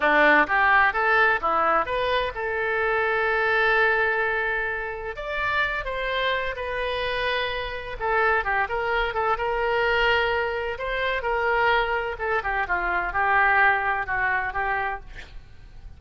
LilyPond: \new Staff \with { instrumentName = "oboe" } { \time 4/4 \tempo 4 = 128 d'4 g'4 a'4 e'4 | b'4 a'2.~ | a'2. d''4~ | d''8 c''4. b'2~ |
b'4 a'4 g'8 ais'4 a'8 | ais'2. c''4 | ais'2 a'8 g'8 f'4 | g'2 fis'4 g'4 | }